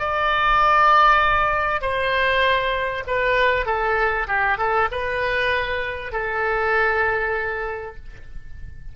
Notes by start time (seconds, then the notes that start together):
0.00 D5
1.82 C5
3.08 B4
3.67 A4
4.28 G4
4.58 A4
4.92 B4
6.13 A4